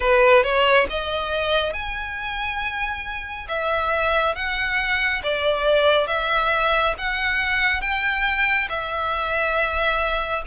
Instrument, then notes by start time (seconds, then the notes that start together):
violin
0.00 B4
0.43 C#5
0.89 D#5
1.73 G#5
3.48 E5
4.35 F#5
5.23 D5
6.07 E5
6.98 F#5
7.81 G5
8.69 E5